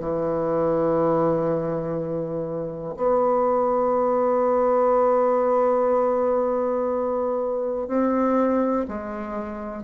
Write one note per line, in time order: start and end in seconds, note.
0.00 2.95 E3
2.97 7.88 B3
7.88 8.86 C4
8.88 9.84 G#3